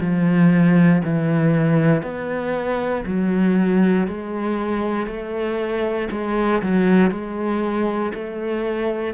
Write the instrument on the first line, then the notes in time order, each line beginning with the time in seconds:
cello
0.00 F3
1.04 E3
2.02 B3
3.06 F#3
4.07 G#3
5.06 A3
6.11 G#3
6.62 F#3
7.10 G#3
8.14 A3